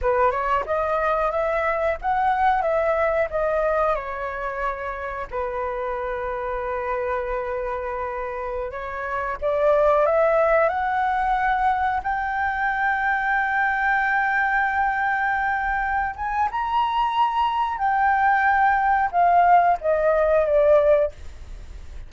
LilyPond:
\new Staff \with { instrumentName = "flute" } { \time 4/4 \tempo 4 = 91 b'8 cis''8 dis''4 e''4 fis''4 | e''4 dis''4 cis''2 | b'1~ | b'4~ b'16 cis''4 d''4 e''8.~ |
e''16 fis''2 g''4.~ g''16~ | g''1~ | g''8 gis''8 ais''2 g''4~ | g''4 f''4 dis''4 d''4 | }